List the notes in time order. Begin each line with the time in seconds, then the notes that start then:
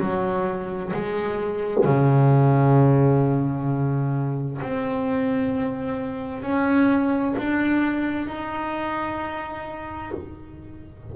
0.00 F#3
0.94 G#3
1.85 C#3
4.62 C4
6.43 C#4
7.38 D4
8.27 D#4